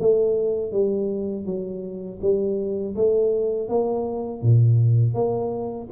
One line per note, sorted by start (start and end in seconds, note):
0.00 0.72 A3
0.72 1.46 G3
1.46 2.20 F#3
2.22 2.96 G3
2.96 3.69 A3
3.69 4.43 A#3
4.43 5.15 A#2
5.15 5.89 A#3